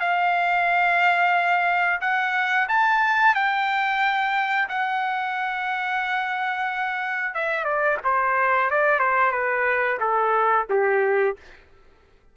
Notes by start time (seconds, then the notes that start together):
0.00 F5
2.01 F#5
2.68 A5
3.35 G5
4.69 F#5
7.35 E5
7.65 D5
8.04 C5
8.71 D5
8.99 C5
9.32 B4
10.00 A4
10.70 G4